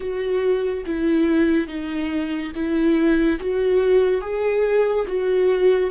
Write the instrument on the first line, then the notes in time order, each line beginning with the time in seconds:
viola
0.00 F#4
0.86 E4
1.67 D#4
2.54 E4
3.40 F#4
4.21 G#4
5.07 F#4